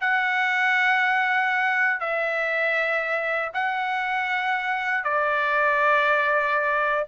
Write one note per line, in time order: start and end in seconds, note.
0.00 2.00 F#5
2.00 3.51 E5
3.53 5.04 F#5
5.04 7.05 D5